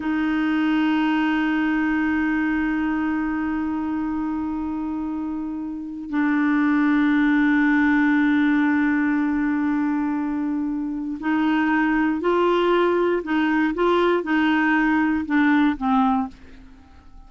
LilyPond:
\new Staff \with { instrumentName = "clarinet" } { \time 4/4 \tempo 4 = 118 dis'1~ | dis'1~ | dis'1 | d'1~ |
d'1~ | d'2 dis'2 | f'2 dis'4 f'4 | dis'2 d'4 c'4 | }